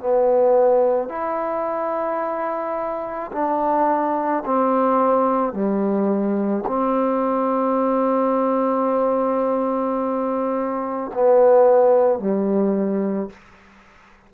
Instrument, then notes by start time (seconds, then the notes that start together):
trombone
0.00 B3
1.09 E4
3.33 D4
4.45 C4
5.54 G3
6.67 C4
11.14 B3
12.19 G3